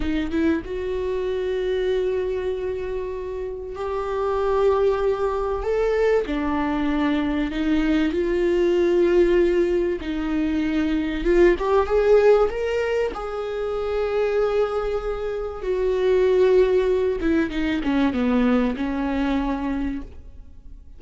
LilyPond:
\new Staff \with { instrumentName = "viola" } { \time 4/4 \tempo 4 = 96 dis'8 e'8 fis'2.~ | fis'2 g'2~ | g'4 a'4 d'2 | dis'4 f'2. |
dis'2 f'8 g'8 gis'4 | ais'4 gis'2.~ | gis'4 fis'2~ fis'8 e'8 | dis'8 cis'8 b4 cis'2 | }